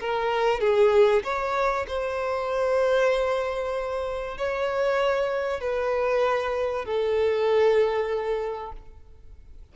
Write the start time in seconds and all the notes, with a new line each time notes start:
0.00 A#4
0.60 G#4
1.24 C#5
1.88 C5
4.38 C#5
5.60 B4
6.85 A4